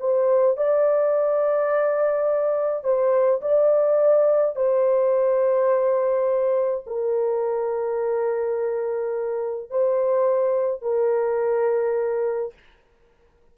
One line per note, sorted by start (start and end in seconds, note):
0.00 0.57 C5
0.57 2.84 D5
2.84 3.41 C5
3.42 4.56 D5
4.56 6.84 C5
6.87 9.70 A#4
9.70 10.82 C5
10.82 12.53 A#4